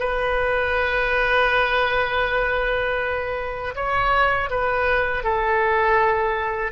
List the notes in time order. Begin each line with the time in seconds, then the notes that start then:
0.00 B4
3.75 C#5
4.50 B4
5.24 A4